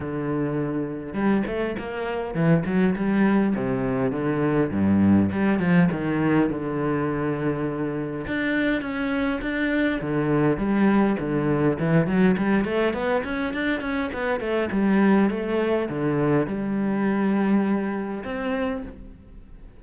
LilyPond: \new Staff \with { instrumentName = "cello" } { \time 4/4 \tempo 4 = 102 d2 g8 a8 ais4 | e8 fis8 g4 c4 d4 | g,4 g8 f8 dis4 d4~ | d2 d'4 cis'4 |
d'4 d4 g4 d4 | e8 fis8 g8 a8 b8 cis'8 d'8 cis'8 | b8 a8 g4 a4 d4 | g2. c'4 | }